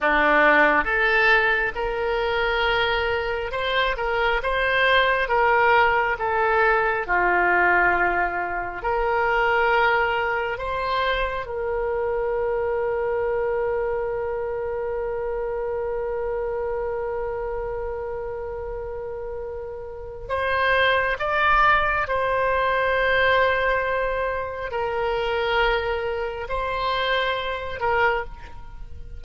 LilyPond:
\new Staff \with { instrumentName = "oboe" } { \time 4/4 \tempo 4 = 68 d'4 a'4 ais'2 | c''8 ais'8 c''4 ais'4 a'4 | f'2 ais'2 | c''4 ais'2.~ |
ais'1~ | ais'2. c''4 | d''4 c''2. | ais'2 c''4. ais'8 | }